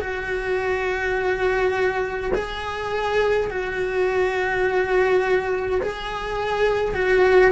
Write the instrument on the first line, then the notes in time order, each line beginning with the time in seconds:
cello
0.00 F#4
2.34 G#4
3.50 F#4
5.82 G#4
6.94 F#4